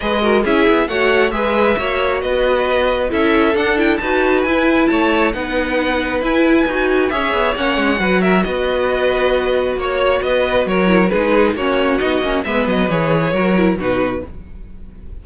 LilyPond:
<<
  \new Staff \with { instrumentName = "violin" } { \time 4/4 \tempo 4 = 135 dis''4 e''4 fis''4 e''4~ | e''4 dis''2 e''4 | fis''8 g''8 a''4 gis''4 a''4 | fis''2 gis''2 |
e''4 fis''4. e''8 dis''4~ | dis''2 cis''4 dis''4 | cis''4 b'4 cis''4 dis''4 | e''8 dis''8 cis''2 b'4 | }
  \new Staff \with { instrumentName = "violin" } { \time 4/4 b'8 ais'8 gis'4 cis''4 b'4 | cis''4 b'2 a'4~ | a'4 b'2 cis''4 | b'1 |
cis''2 b'8 ais'8 b'4~ | b'2 cis''4 b'4 | ais'4 gis'4 fis'2 | b'2 ais'4 fis'4 | }
  \new Staff \with { instrumentName = "viola" } { \time 4/4 gis'8 fis'8 e'4 fis'4 gis'4 | fis'2. e'4 | d'8 e'8 fis'4 e'2 | dis'2 e'4 fis'4 |
gis'4 cis'4 fis'2~ | fis'1~ | fis'8 e'8 dis'4 cis'4 dis'8 cis'8 | b4 gis'4 fis'8 e'8 dis'4 | }
  \new Staff \with { instrumentName = "cello" } { \time 4/4 gis4 cis'8 b8 a4 gis4 | ais4 b2 cis'4 | d'4 dis'4 e'4 a4 | b2 e'4 dis'4 |
cis'8 b8 ais8 gis8 fis4 b4~ | b2 ais4 b4 | fis4 gis4 ais4 b8 ais8 | gis8 fis8 e4 fis4 b,4 | }
>>